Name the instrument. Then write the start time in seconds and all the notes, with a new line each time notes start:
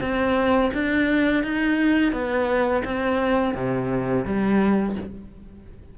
cello
0.00 C4
0.73 D4
1.43 D#4
2.12 B3
2.84 C4
3.54 C3
4.25 G3